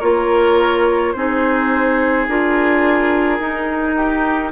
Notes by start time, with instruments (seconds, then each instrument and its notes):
0.00 bassoon A#3, clarinet F4, oboe A#4, flute C#5
1.13 bassoon C4, clarinet D#4, oboe G#4, flute C5
2.28 bassoon D4, clarinet F4, flute A#4
3.40 bassoon D#4, clarinet D#4
3.96 oboe G4